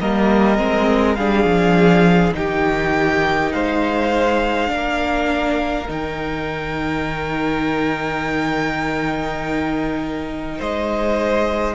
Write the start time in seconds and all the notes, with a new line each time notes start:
0.00 G3 A#3 A#4 D#5
0.57 G#3 C4
1.15 G3 D4 G#4 F5
1.44 F3
2.34 D#3 D#4 G4 G5
3.52 G#3 C5 F5
4.67 A#3 D4 A#4
5.87 D#3 D#4 G5
10.58 G#3 C5 D#5